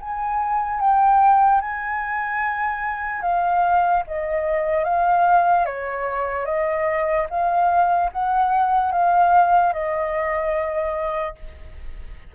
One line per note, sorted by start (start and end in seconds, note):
0.00 0.80 G#5
0.80 1.61 G5
1.61 3.21 G#5
3.21 4.02 F5
4.07 4.84 D#5
4.84 5.65 F5
5.65 6.45 C#5
6.45 7.26 D#5
7.29 8.10 F5
8.12 8.92 F#5
8.92 9.73 F5
9.73 11.35 D#5